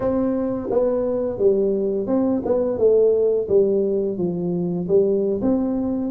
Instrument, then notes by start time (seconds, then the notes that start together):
tuba
0.00 C4
0.70 B3
1.38 G3
2.06 C4
2.45 B3
2.77 A3
3.48 G3
4.17 F3
4.88 G3
5.41 C4